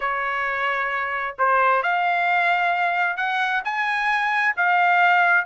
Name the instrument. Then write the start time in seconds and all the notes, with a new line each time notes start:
trumpet
0.00 C#5
1.38 C5
1.82 F5
3.17 F#5
3.64 G#5
4.56 F5